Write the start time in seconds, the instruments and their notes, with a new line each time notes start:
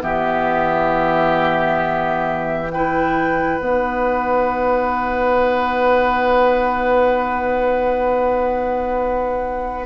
0.00 bassoon E3, clarinet B3, oboe G4, flute E5
2.71 clarinet E4, oboe B4, flute G5
3.59 bassoon B3, clarinet D#4, flute F#5